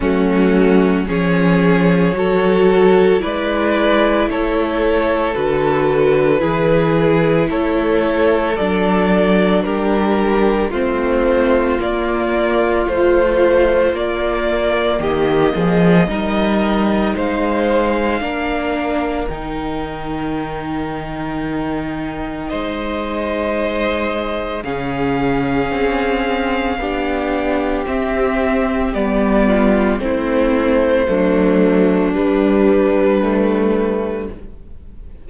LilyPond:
<<
  \new Staff \with { instrumentName = "violin" } { \time 4/4 \tempo 4 = 56 fis'4 cis''2 d''4 | cis''4 b'2 cis''4 | d''4 ais'4 c''4 d''4 | c''4 d''4 dis''2 |
f''2 g''2~ | g''4 dis''2 f''4~ | f''2 e''4 d''4 | c''2 b'2 | }
  \new Staff \with { instrumentName = "violin" } { \time 4/4 cis'4 gis'4 a'4 b'4 | a'2 gis'4 a'4~ | a'4 g'4 f'2~ | f'2 g'8 gis'8 ais'4 |
c''4 ais'2.~ | ais'4 c''2 gis'4~ | gis'4 g'2~ g'8 f'8 | e'4 d'2. | }
  \new Staff \with { instrumentName = "viola" } { \time 4/4 a4 cis'4 fis'4 e'4~ | e'4 fis'4 e'2 | d'2 c'4 ais4 | f4 ais2 dis'4~ |
dis'4 d'4 dis'2~ | dis'2. cis'4~ | cis'4 d'4 c'4 b4 | c'4 a4 g4 a4 | }
  \new Staff \with { instrumentName = "cello" } { \time 4/4 fis4 f4 fis4 gis4 | a4 d4 e4 a4 | fis4 g4 a4 ais4 | a4 ais4 dis8 f8 g4 |
gis4 ais4 dis2~ | dis4 gis2 cis4 | c'4 b4 c'4 g4 | a4 fis4 g2 | }
>>